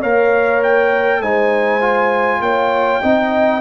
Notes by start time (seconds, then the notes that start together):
0.00 A#3 A#4 C#5 F5
0.63 G5
1.21 G#3 D#4 C5 G#5
1.80 F4
2.40 A#3 C#5 G5
3.01 C4 D#4 D#5